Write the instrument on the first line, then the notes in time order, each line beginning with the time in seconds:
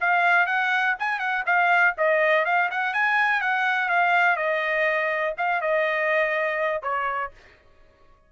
trumpet
0.00 F5
0.46 F#5
0.99 G#5
1.19 F#5
1.45 F5
1.97 D#5
2.45 F5
2.70 F#5
2.93 G#5
3.41 F#5
3.88 F5
4.36 D#5
5.37 F5
5.61 D#5
6.82 C#5